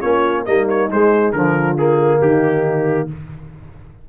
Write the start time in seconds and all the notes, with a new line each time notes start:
0.00 A#3 C#4 F4 C#5
0.45 G3 A#3 D#4 D#5
0.69 C#5
0.90 G#3 C5
1.32 D3 F3 F4 A#4
1.77 A#3 G#4
2.19 D#3 D#4 G4